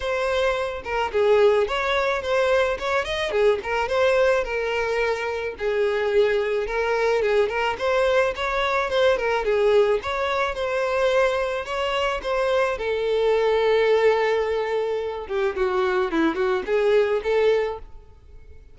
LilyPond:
\new Staff \with { instrumentName = "violin" } { \time 4/4 \tempo 4 = 108 c''4. ais'8 gis'4 cis''4 | c''4 cis''8 dis''8 gis'8 ais'8 c''4 | ais'2 gis'2 | ais'4 gis'8 ais'8 c''4 cis''4 |
c''8 ais'8 gis'4 cis''4 c''4~ | c''4 cis''4 c''4 a'4~ | a'2.~ a'8 g'8 | fis'4 e'8 fis'8 gis'4 a'4 | }